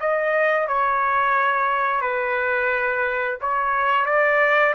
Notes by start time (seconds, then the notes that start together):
0.00 D#5
0.68 C#5
2.01 B4
3.41 C#5
4.06 D5